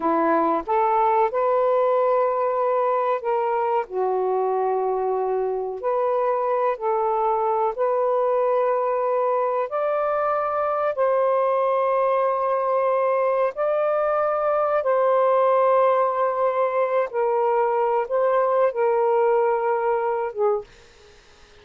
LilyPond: \new Staff \with { instrumentName = "saxophone" } { \time 4/4 \tempo 4 = 93 e'4 a'4 b'2~ | b'4 ais'4 fis'2~ | fis'4 b'4. a'4. | b'2. d''4~ |
d''4 c''2.~ | c''4 d''2 c''4~ | c''2~ c''8 ais'4. | c''4 ais'2~ ais'8 gis'8 | }